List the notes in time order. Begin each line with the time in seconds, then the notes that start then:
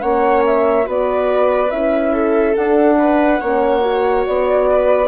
0.00 A#3 C#4 C#5 F#5
0.46 E5
0.83 B3 F#4 B4
0.90 D5
1.70 C#4 E4 E5
2.13 A4
2.55 D4 F#5
2.99 B4
3.41 A#3 C#4 C#5
3.81 F#4
4.26 B3 D5
4.71 B4